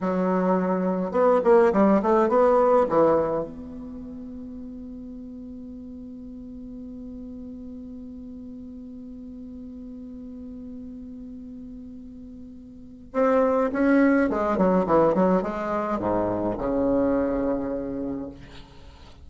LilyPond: \new Staff \with { instrumentName = "bassoon" } { \time 4/4 \tempo 4 = 105 fis2 b8 ais8 g8 a8 | b4 e4 b2~ | b1~ | b1~ |
b1~ | b2. c'4 | cis'4 gis8 fis8 e8 fis8 gis4 | gis,4 cis2. | }